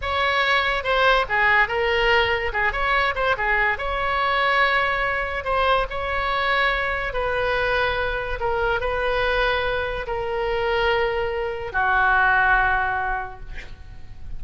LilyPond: \new Staff \with { instrumentName = "oboe" } { \time 4/4 \tempo 4 = 143 cis''2 c''4 gis'4 | ais'2 gis'8 cis''4 c''8 | gis'4 cis''2.~ | cis''4 c''4 cis''2~ |
cis''4 b'2. | ais'4 b'2. | ais'1 | fis'1 | }